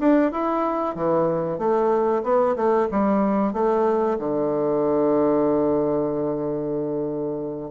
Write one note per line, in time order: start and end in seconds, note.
0.00 0.32 D4
0.32 0.96 E4
0.96 1.59 E3
1.59 2.23 A3
2.23 2.56 B3
2.56 2.89 A3
2.91 3.53 G3
3.53 4.18 A3
4.19 7.72 D3